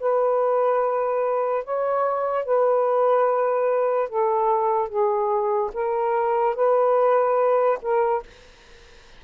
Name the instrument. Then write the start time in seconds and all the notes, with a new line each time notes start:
saxophone
0.00 B4
1.64 C#5
2.45 B4
4.09 A4
4.89 G#4
5.73 A#4
6.56 B4
7.82 A#4